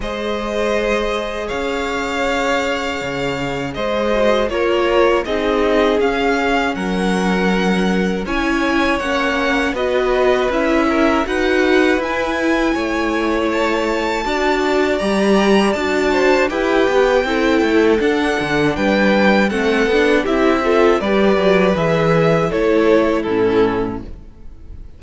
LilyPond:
<<
  \new Staff \with { instrumentName = "violin" } { \time 4/4 \tempo 4 = 80 dis''2 f''2~ | f''4 dis''4 cis''4 dis''4 | f''4 fis''2 gis''4 | fis''4 dis''4 e''4 fis''4 |
gis''2 a''2 | ais''4 a''4 g''2 | fis''4 g''4 fis''4 e''4 | d''4 e''4 cis''4 a'4 | }
  \new Staff \with { instrumentName = "violin" } { \time 4/4 c''2 cis''2~ | cis''4 c''4 ais'4 gis'4~ | gis'4 ais'2 cis''4~ | cis''4 b'4. ais'8 b'4~ |
b'4 cis''2 d''4~ | d''4. c''8 b'4 a'4~ | a'4 b'4 a'4 g'8 a'8 | b'2 a'4 e'4 | }
  \new Staff \with { instrumentName = "viola" } { \time 4/4 gis'1~ | gis'4. fis'8 f'4 dis'4 | cis'2. e'4 | cis'4 fis'4 e'4 fis'4 |
e'2. fis'4 | g'4 fis'4 g'4 e'4 | d'2 c'8 d'8 e'8 f'8 | g'4 gis'4 e'4 cis'4 | }
  \new Staff \with { instrumentName = "cello" } { \time 4/4 gis2 cis'2 | cis4 gis4 ais4 c'4 | cis'4 fis2 cis'4 | ais4 b4 cis'4 dis'4 |
e'4 a2 d'4 | g4 d'4 e'8 b8 c'8 a8 | d'8 d8 g4 a8 b8 c'4 | g8 fis8 e4 a4 a,4 | }
>>